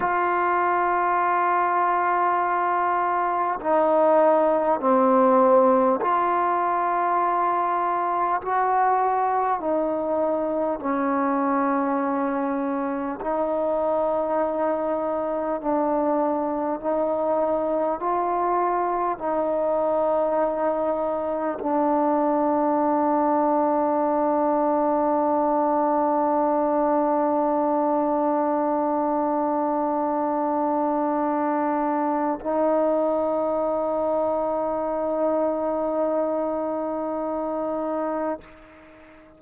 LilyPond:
\new Staff \with { instrumentName = "trombone" } { \time 4/4 \tempo 4 = 50 f'2. dis'4 | c'4 f'2 fis'4 | dis'4 cis'2 dis'4~ | dis'4 d'4 dis'4 f'4 |
dis'2 d'2~ | d'1~ | d'2. dis'4~ | dis'1 | }